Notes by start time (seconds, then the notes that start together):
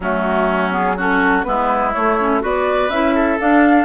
0.00 F#3 A3 C#4 F#4
0.71 B3 G#4
0.96 C#4 F#4 A4
1.43 G#3 B3 E4 B4
1.92 A3 C#5
2.19 C#4
2.40 B3 F#4 B4 D5
2.89 C#4 E4 E5
3.15 A4
3.39 D4 F5